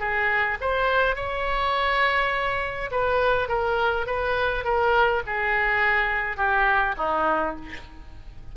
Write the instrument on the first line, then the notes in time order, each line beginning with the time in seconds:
oboe
0.00 G#4
0.61 C5
1.16 C#5
2.92 B4
3.49 A#4
4.07 B4
4.65 A#4
5.27 G#4
6.38 G4
6.98 D#4